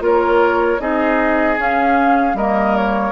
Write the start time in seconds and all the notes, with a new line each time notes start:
0.00 A#3 F4 A#4 C#5
0.80 C4 D#4 G#4 D#5
1.57 C#4 F5
2.34 G3 A#3 A#4 D#5
2.76 C#5